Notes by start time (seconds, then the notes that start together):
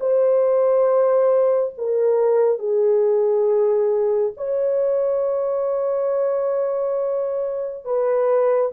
0.00 C5
1.77 A#4
2.59 G#4
4.37 C#5
7.85 B4